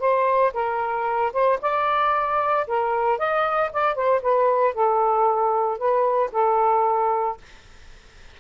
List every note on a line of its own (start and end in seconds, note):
0.00 0.53 C5
0.54 1.33 A#4
1.33 1.59 C5
1.61 2.67 D5
2.67 3.19 A#4
3.19 3.71 D#5
3.73 3.95 D5
3.95 4.22 C5
4.22 4.74 B4
4.74 5.78 A4
5.78 6.31 B4
6.32 7.37 A4